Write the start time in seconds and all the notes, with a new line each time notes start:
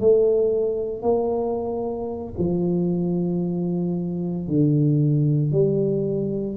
0.00 A3
1.02 A#3
2.38 F3
4.47 D3
5.52 G3